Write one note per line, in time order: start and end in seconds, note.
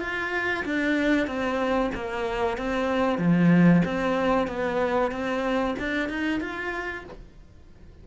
0.00 0.64 F4
0.65 1.26 D4
1.26 1.90 C4
1.94 2.57 A#3
2.57 3.18 C4
3.18 3.82 F3
3.84 4.47 C4
4.47 5.11 B3
5.11 5.75 C4
5.79 6.09 D4
6.09 6.40 D#4
6.40 7.04 F4